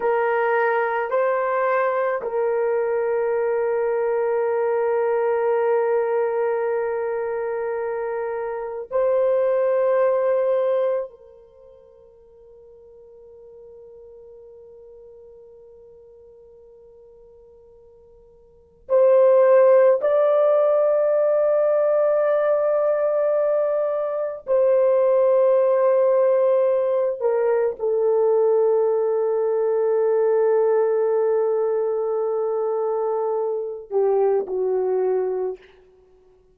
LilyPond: \new Staff \with { instrumentName = "horn" } { \time 4/4 \tempo 4 = 54 ais'4 c''4 ais'2~ | ais'1 | c''2 ais'2~ | ais'1~ |
ais'4 c''4 d''2~ | d''2 c''2~ | c''8 ais'8 a'2.~ | a'2~ a'8 g'8 fis'4 | }